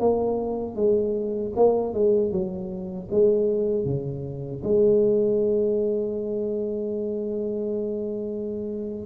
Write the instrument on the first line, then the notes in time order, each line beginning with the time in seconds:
tuba
0.00 A#3
0.76 G#3
1.57 A#3
1.94 G#3
2.32 F#3
3.11 G#3
3.86 C#3
4.64 G#3